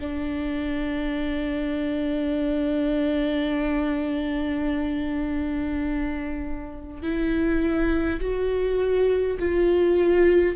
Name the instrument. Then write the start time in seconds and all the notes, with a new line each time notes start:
viola
0.00 D4
7.03 E4
8.21 F#4
9.40 F4